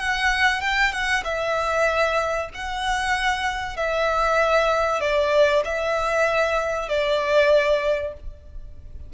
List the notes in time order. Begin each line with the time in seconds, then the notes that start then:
0.00 F#5
0.62 G5
0.93 F#5
1.25 E5
2.55 F#5
3.77 E5
5.01 D5
5.65 E5
6.89 D5